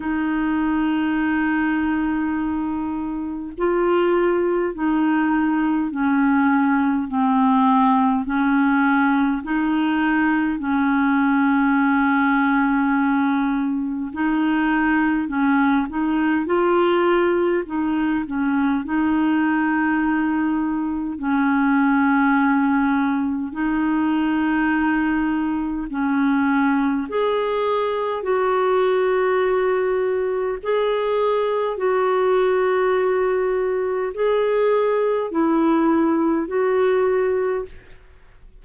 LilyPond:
\new Staff \with { instrumentName = "clarinet" } { \time 4/4 \tempo 4 = 51 dis'2. f'4 | dis'4 cis'4 c'4 cis'4 | dis'4 cis'2. | dis'4 cis'8 dis'8 f'4 dis'8 cis'8 |
dis'2 cis'2 | dis'2 cis'4 gis'4 | fis'2 gis'4 fis'4~ | fis'4 gis'4 e'4 fis'4 | }